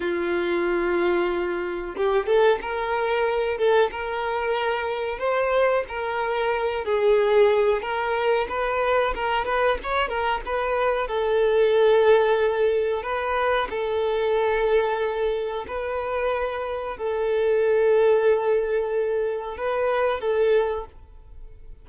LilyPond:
\new Staff \with { instrumentName = "violin" } { \time 4/4 \tempo 4 = 92 f'2. g'8 a'8 | ais'4. a'8 ais'2 | c''4 ais'4. gis'4. | ais'4 b'4 ais'8 b'8 cis''8 ais'8 |
b'4 a'2. | b'4 a'2. | b'2 a'2~ | a'2 b'4 a'4 | }